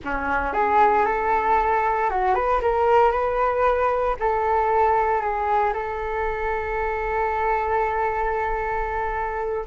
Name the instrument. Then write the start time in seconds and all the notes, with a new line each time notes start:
flute
0.04 C#4
0.53 G#4
1.05 A4
2.09 F#4
2.35 B4
2.61 A#4
3.11 B4
4.19 A4
5.21 G#4
5.73 A4